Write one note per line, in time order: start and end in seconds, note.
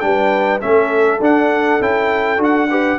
0.00 0.62 G3
0.00 0.60 D4
0.00 0.62 B4
0.00 0.59 G5
0.60 1.20 A3
0.60 1.20 C#4
0.60 2.70 A4
0.60 1.21 E5
1.20 1.79 D4
1.20 1.81 D4
1.20 1.82 F#5
1.80 2.38 C#4
1.80 2.38 E4
1.80 2.42 G5
2.38 2.98 D4
2.38 2.67 F#4
2.38 2.98 F#5
2.70 2.98 G4
2.70 2.98 B4